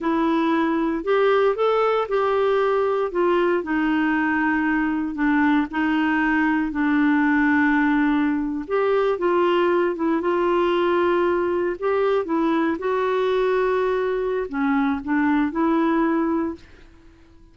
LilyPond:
\new Staff \with { instrumentName = "clarinet" } { \time 4/4 \tempo 4 = 116 e'2 g'4 a'4 | g'2 f'4 dis'4~ | dis'2 d'4 dis'4~ | dis'4 d'2.~ |
d'8. g'4 f'4. e'8 f'16~ | f'2~ f'8. g'4 e'16~ | e'8. fis'2.~ fis'16 | cis'4 d'4 e'2 | }